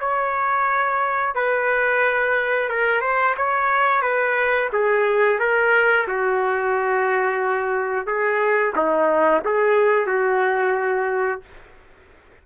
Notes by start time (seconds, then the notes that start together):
0.00 C#5
1.35 B4
2.69 A#4
3.01 C5
3.37 C#5
4.02 B4
4.72 G#4
5.39 A#4
6.07 F#4
8.06 G#4
8.75 D#4
9.44 G#4
10.06 F#4